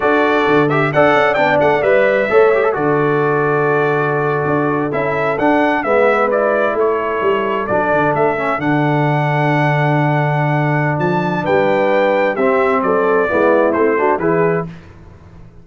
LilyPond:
<<
  \new Staff \with { instrumentName = "trumpet" } { \time 4/4 \tempo 4 = 131 d''4. e''8 fis''4 g''8 fis''8 | e''2 d''2~ | d''2~ d''8. e''4 fis''16~ | fis''8. e''4 d''4 cis''4~ cis''16~ |
cis''8. d''4 e''4 fis''4~ fis''16~ | fis''1 | a''4 g''2 e''4 | d''2 c''4 b'4 | }
  \new Staff \with { instrumentName = "horn" } { \time 4/4 a'2 d''2~ | d''4 cis''4 a'2~ | a'1~ | a'8. b'2 a'4~ a'16~ |
a'1~ | a'1~ | a'4 b'2 g'4 | a'4 e'4. fis'8 gis'4 | }
  \new Staff \with { instrumentName = "trombone" } { \time 4/4 fis'4. g'8 a'4 d'4 | b'4 a'8 g'16 a'16 fis'2~ | fis'2~ fis'8. e'4 d'16~ | d'8. b4 e'2~ e'16~ |
e'8. d'4. cis'8 d'4~ d'16~ | d'1~ | d'2. c'4~ | c'4 b4 c'8 d'8 e'4 | }
  \new Staff \with { instrumentName = "tuba" } { \time 4/4 d'4 d4 d'8 cis'8 b8 a8 | g4 a4 d2~ | d4.~ d16 d'4 cis'4 d'16~ | d'8. gis2 a4 g16~ |
g8. fis8 d8 a4 d4~ d16~ | d1 | f4 g2 c'4 | fis4 gis4 a4 e4 | }
>>